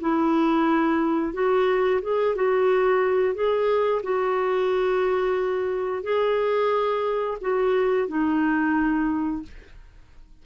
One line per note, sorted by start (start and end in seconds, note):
0.00 1.33 E4
1.33 2.01 F#4
2.01 2.35 G#4
2.35 3.34 F#4
3.34 4.01 G#4
4.03 6.02 F#4
6.02 7.37 G#4
7.41 8.07 F#4
8.07 9.42 D#4